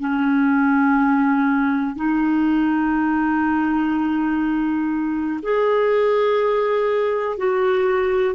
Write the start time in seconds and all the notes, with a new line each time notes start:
0.00 C#4
1.96 D#4
5.43 G#4
7.38 F#4